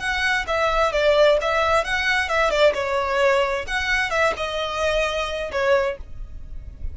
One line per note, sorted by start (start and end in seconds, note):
0.00 0.46 F#5
0.48 0.93 E5
0.93 1.38 D5
1.42 1.85 E5
1.85 2.29 F#5
2.29 2.51 E5
2.51 2.74 D5
2.74 3.66 C#5
3.68 4.11 F#5
4.11 4.34 E5
4.37 5.52 D#5
5.52 5.98 C#5